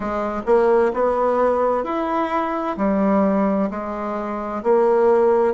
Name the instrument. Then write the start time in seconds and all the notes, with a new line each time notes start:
bassoon
0.00 G#3
0.46 A#3
0.93 B3
1.84 E4
2.77 G3
3.70 G#3
4.63 A#3